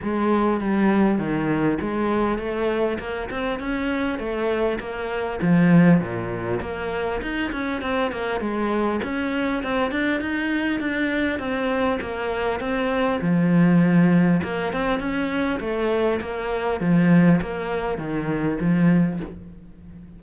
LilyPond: \new Staff \with { instrumentName = "cello" } { \time 4/4 \tempo 4 = 100 gis4 g4 dis4 gis4 | a4 ais8 c'8 cis'4 a4 | ais4 f4 ais,4 ais4 | dis'8 cis'8 c'8 ais8 gis4 cis'4 |
c'8 d'8 dis'4 d'4 c'4 | ais4 c'4 f2 | ais8 c'8 cis'4 a4 ais4 | f4 ais4 dis4 f4 | }